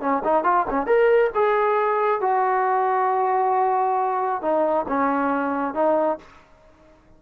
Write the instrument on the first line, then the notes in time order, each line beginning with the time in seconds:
trombone
0.00 C#4
0.24 D#4
0.44 F4
0.69 C#4
0.86 A#4
1.34 G#4
2.21 F#4
4.41 D#4
4.88 C#4
5.74 D#4